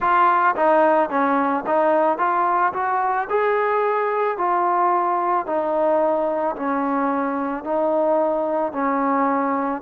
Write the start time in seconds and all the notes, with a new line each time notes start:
0.00 F4
0.56 D#4
1.09 C#4
1.66 D#4
2.18 F4
2.73 F#4
3.29 G#4
4.37 F4
5.46 D#4
6.56 C#4
7.64 D#4
8.72 C#4